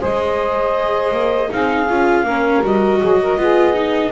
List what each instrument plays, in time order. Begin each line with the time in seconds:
0.00 double bass G#3, viola G#4, saxophone C5, clarinet D#5
1.12 double bass A#3
1.49 double bass C4, viola D#4, saxophone G#4, clarinet F5
1.89 double bass C#4, viola F4
2.23 double bass A#3, viola C#4, saxophone A#4
2.63 double bass G3, viola F#4, clarinet D#5
3.00 double bass F#3, saxophone G#4
3.22 saxophone A#4
3.37 double bass B3, viola F4, saxophone G#4
3.74 viola D#4